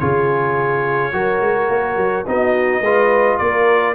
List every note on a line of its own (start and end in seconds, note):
0.00 1.14 C#3
0.00 1.13 F4
0.00 1.13 G#4
0.00 2.26 C#5
1.13 1.41 F#3
1.13 2.26 F#4
1.13 2.27 A#4
1.41 1.69 G#3
1.69 1.97 A#3
1.97 2.25 F#3
2.27 2.81 B3
2.27 2.84 D#4
2.27 2.82 F#4
2.27 3.38 D#5
2.81 3.38 G#3
2.81 3.95 F4
2.81 3.39 B4
3.38 3.95 A#3
3.38 3.95 A#4
3.38 3.95 D5